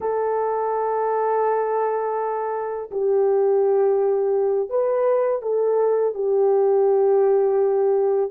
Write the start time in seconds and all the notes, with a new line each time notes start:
0.00 A4
2.91 G4
4.69 B4
5.42 A4
6.14 G4